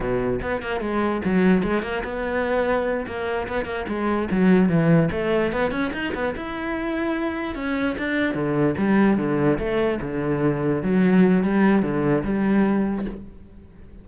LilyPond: \new Staff \with { instrumentName = "cello" } { \time 4/4 \tempo 4 = 147 b,4 b8 ais8 gis4 fis4 | gis8 ais8 b2~ b8 ais8~ | ais8 b8 ais8 gis4 fis4 e8~ | e8 a4 b8 cis'8 dis'8 b8 e'8~ |
e'2~ e'8 cis'4 d'8~ | d'8 d4 g4 d4 a8~ | a8 d2 fis4. | g4 d4 g2 | }